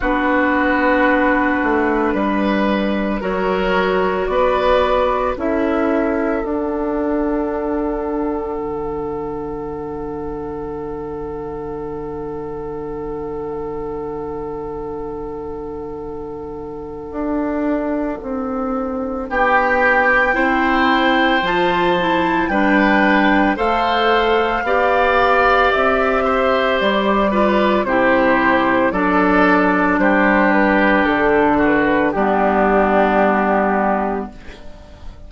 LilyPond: <<
  \new Staff \with { instrumentName = "flute" } { \time 4/4 \tempo 4 = 56 b'2. cis''4 | d''4 e''4 fis''2~ | fis''1~ | fis''1~ |
fis''2 g''2 | a''4 g''4 f''2 | e''4 d''4 c''4 d''4 | c''8 b'8 a'8 b'8 g'2 | }
  \new Staff \with { instrumentName = "oboe" } { \time 4/4 fis'2 b'4 ais'4 | b'4 a'2.~ | a'1~ | a'1~ |
a'2 g'4 c''4~ | c''4 b'4 c''4 d''4~ | d''8 c''4 b'8 g'4 a'4 | g'4. fis'8 d'2 | }
  \new Staff \with { instrumentName = "clarinet" } { \time 4/4 d'2. fis'4~ | fis'4 e'4 d'2~ | d'1~ | d'1~ |
d'2. e'4 | f'8 e'8 d'4 a'4 g'4~ | g'4. f'8 e'4 d'4~ | d'2 b2 | }
  \new Staff \with { instrumentName = "bassoon" } { \time 4/4 b4. a8 g4 fis4 | b4 cis'4 d'2 | d1~ | d1 |
d'4 c'4 b4 c'4 | f4 g4 a4 b4 | c'4 g4 c4 fis4 | g4 d4 g2 | }
>>